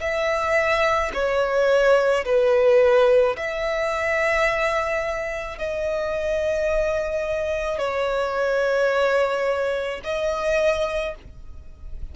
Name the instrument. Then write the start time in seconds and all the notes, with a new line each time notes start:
violin
0.00 E5
1.13 C#5
2.25 B4
3.36 E5
5.58 D#5
7.78 C#5
10.04 D#5